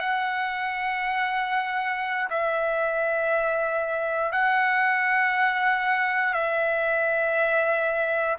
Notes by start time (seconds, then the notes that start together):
0.00 F#5
2.30 E5
4.32 F#5
6.34 E5